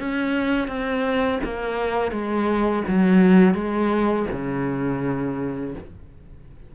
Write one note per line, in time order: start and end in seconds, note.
0.00 0.68 C#4
0.68 1.40 C4
1.44 2.12 A#3
2.12 2.83 G#3
2.88 3.55 F#3
3.55 4.26 G#3
4.32 5.75 C#3